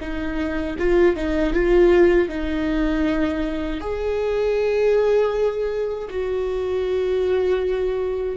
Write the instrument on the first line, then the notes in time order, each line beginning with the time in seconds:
viola
0.00 D#4
0.79 F4
1.16 D#4
1.53 F4
2.29 D#4
3.81 G#4
6.10 F#4